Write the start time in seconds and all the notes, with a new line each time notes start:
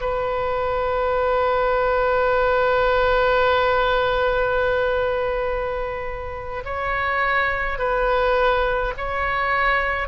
0.00 B4
6.65 C#5
7.78 B4
8.97 C#5